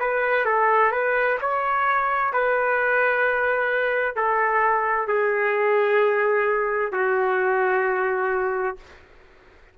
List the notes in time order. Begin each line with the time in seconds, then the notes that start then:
0.00 B4
0.46 A4
0.92 B4
1.41 C#5
2.33 B4
4.16 A4
5.08 G#4
6.92 F#4